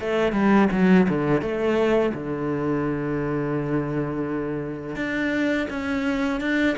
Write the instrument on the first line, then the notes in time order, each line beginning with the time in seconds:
cello
0.00 A3
0.32 G3
0.72 F#3
1.09 D3
1.41 A3
2.14 D3
4.96 D4
5.70 C#4
6.41 D4